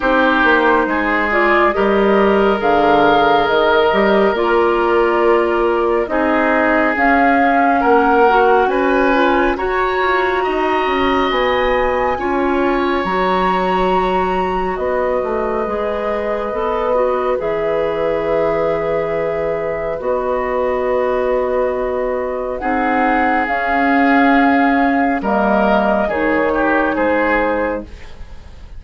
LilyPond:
<<
  \new Staff \with { instrumentName = "flute" } { \time 4/4 \tempo 4 = 69 c''4. d''8 dis''4 f''4 | dis''4 d''2 dis''4 | f''4 fis''4 gis''4 ais''4~ | ais''4 gis''2 ais''4~ |
ais''4 dis''2. | e''2. dis''4~ | dis''2 fis''4 f''4~ | f''4 dis''4 cis''4 c''4 | }
  \new Staff \with { instrumentName = "oboe" } { \time 4/4 g'4 gis'4 ais'2~ | ais'2. gis'4~ | gis'4 ais'4 b'4 cis''4 | dis''2 cis''2~ |
cis''4 b'2.~ | b'1~ | b'2 gis'2~ | gis'4 ais'4 gis'8 g'8 gis'4 | }
  \new Staff \with { instrumentName = "clarinet" } { \time 4/4 dis'4. f'8 g'4 gis'4~ | gis'8 g'8 f'2 dis'4 | cis'4. fis'4 f'8 fis'4~ | fis'2 f'4 fis'4~ |
fis'2 gis'4 a'8 fis'8 | gis'2. fis'4~ | fis'2 dis'4 cis'4~ | cis'4 ais4 dis'2 | }
  \new Staff \with { instrumentName = "bassoon" } { \time 4/4 c'8 ais8 gis4 g4 d4 | dis8 g8 ais2 c'4 | cis'4 ais4 cis'4 fis'8 f'8 | dis'8 cis'8 b4 cis'4 fis4~ |
fis4 b8 a8 gis4 b4 | e2. b4~ | b2 c'4 cis'4~ | cis'4 g4 dis4 gis4 | }
>>